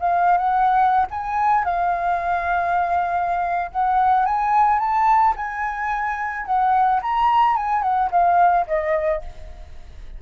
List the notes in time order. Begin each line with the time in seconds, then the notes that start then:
0.00 F5
0.37 F#5
1.11 G#5
1.65 F5
3.71 F#5
4.25 G#5
4.79 A5
5.36 G#5
6.46 F#5
7.02 A#5
7.56 G#5
7.82 F#5
8.11 F5
8.67 D#5